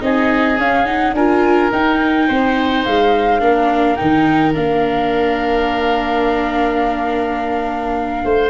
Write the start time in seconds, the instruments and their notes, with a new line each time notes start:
0.00 tuba C4, viola D#4, oboe G#4, flute D#5
0.57 viola C#4, tuba C#4, flute F5
0.85 viola D#4, flute F#5
1.13 tuba D4, viola F4, oboe A#4, flute G#5
1.71 tuba D#4, viola D#4, flute G5
2.28 tuba C4, oboe C5
2.84 tuba G#3, flute F5
3.40 tuba A#3, viola D4, oboe A#4
3.95 tuba D#3, viola D#4, flute G5
4.53 tuba A#3, viola D4, flute F5
8.24 tuba A3, oboe C5